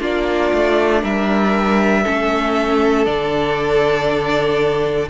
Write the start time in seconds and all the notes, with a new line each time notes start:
0.00 A#3 D4 F4 D5
0.53 A3
1.03 G3 A#4 E5
2.04 A3 C#4 A4
3.06 D3 D4 D5